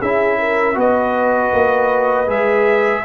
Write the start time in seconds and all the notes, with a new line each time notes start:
0.00 C#4 E4 G#4 E5
0.39 A#4
0.75 B3 F#4 B4 D#5
1.53 A#3
2.27 G#3 G#4 E5